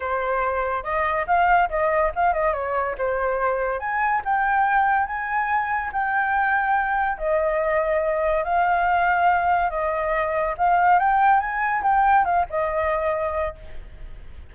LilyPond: \new Staff \with { instrumentName = "flute" } { \time 4/4 \tempo 4 = 142 c''2 dis''4 f''4 | dis''4 f''8 dis''8 cis''4 c''4~ | c''4 gis''4 g''2 | gis''2 g''2~ |
g''4 dis''2. | f''2. dis''4~ | dis''4 f''4 g''4 gis''4 | g''4 f''8 dis''2~ dis''8 | }